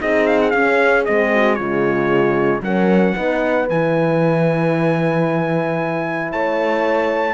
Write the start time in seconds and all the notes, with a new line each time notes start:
0.00 C4 D#4 G#4 D#5
0.26 F5
0.41 F#5
0.50 C#4 F5
1.06 G#3 C4 D#5
1.34 F#4
1.55 C#3 G#3 F4 C#5
2.61 F#3 C#4 A#4 F#5
3.15 B3 D#4 B4
3.70 E3 E4 G#5
6.32 A3 C#5 A5